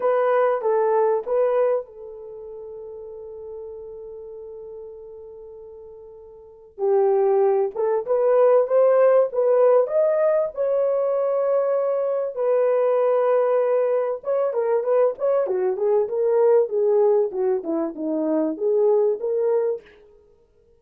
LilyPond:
\new Staff \with { instrumentName = "horn" } { \time 4/4 \tempo 4 = 97 b'4 a'4 b'4 a'4~ | a'1~ | a'2. g'4~ | g'8 a'8 b'4 c''4 b'4 |
dis''4 cis''2. | b'2. cis''8 ais'8 | b'8 cis''8 fis'8 gis'8 ais'4 gis'4 | fis'8 e'8 dis'4 gis'4 ais'4 | }